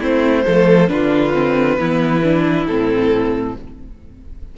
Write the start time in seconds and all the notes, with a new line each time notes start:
0.00 A3 C4 E4 C5
0.46 F3 A3 A4
0.88 D3 D4 F4 B4
1.34 C4
1.78 E3 B3 E4
2.24 D4
2.67 A2 C4 A4